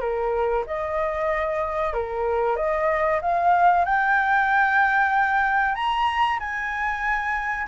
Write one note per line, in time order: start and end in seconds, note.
0.00 0.64 A#4
0.66 1.93 D#5
1.93 2.56 A#4
2.56 3.20 D#5
3.21 3.84 F5
3.84 5.75 G5
5.75 6.39 A#5
6.39 7.67 G#5